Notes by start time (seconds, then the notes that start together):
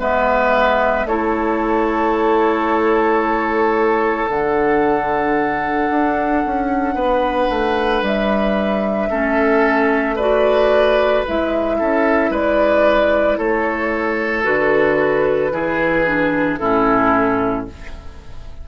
0.00 G#3 B3 B4 E5
1.05 A3 E4 A4 C#5
4.28 D3 D4 F#5
5.91 D4
6.46 C#4
6.95 B3 B4
7.50 A3
8.02 G3 E5
9.10 A3 C#4 A4
10.16 F#4 B4 D5
11.26 G#3 E4 E5
11.79 C#4 A4
12.31 G#3 B4 D5
13.38 A3 A4 C#5
14.44 D3 F#4 B4
15.52 E3 E4 G#4
16.06 D4
16.58 A2 C#4 E4 A4